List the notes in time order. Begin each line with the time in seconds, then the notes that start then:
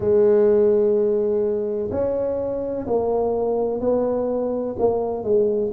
0.00 G#3
1.90 C#4
2.86 A#3
3.80 B3
4.79 A#3
5.23 G#3